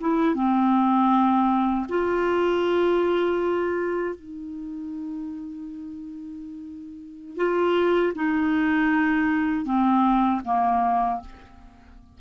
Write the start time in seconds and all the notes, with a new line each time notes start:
0.00 E4
0.35 C4
1.88 F4
4.15 D#4
7.37 F4
8.15 D#4
9.65 C4
10.44 A#3